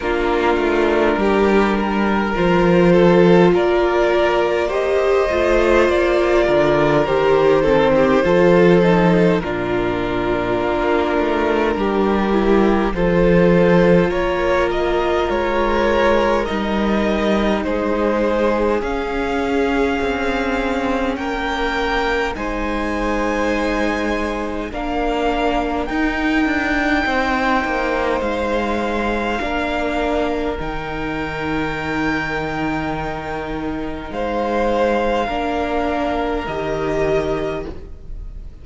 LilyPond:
<<
  \new Staff \with { instrumentName = "violin" } { \time 4/4 \tempo 4 = 51 ais'2 c''4 d''4 | dis''4 d''4 c''2 | ais'2. c''4 | cis''8 dis''8 cis''4 dis''4 c''4 |
f''2 g''4 gis''4~ | gis''4 f''4 g''2 | f''2 g''2~ | g''4 f''2 dis''4 | }
  \new Staff \with { instrumentName = "violin" } { \time 4/4 f'4 g'8 ais'4 a'8 ais'4 | c''4. ais'4 a'16 g'16 a'4 | f'2 g'4 a'4 | ais'2. gis'4~ |
gis'2 ais'4 c''4~ | c''4 ais'2 c''4~ | c''4 ais'2.~ | ais'4 c''4 ais'2 | }
  \new Staff \with { instrumentName = "viola" } { \time 4/4 d'2 f'2 | g'8 f'4. g'8 c'8 f'8 dis'8 | d'2~ d'8 e'8 f'4~ | f'2 dis'2 |
cis'2. dis'4~ | dis'4 d'4 dis'2~ | dis'4 d'4 dis'2~ | dis'2 d'4 g'4 | }
  \new Staff \with { instrumentName = "cello" } { \time 4/4 ais8 a8 g4 f4 ais4~ | ais8 a8 ais8 d8 dis4 f4 | ais,4 ais8 a8 g4 f4 | ais4 gis4 g4 gis4 |
cis'4 c'4 ais4 gis4~ | gis4 ais4 dis'8 d'8 c'8 ais8 | gis4 ais4 dis2~ | dis4 gis4 ais4 dis4 | }
>>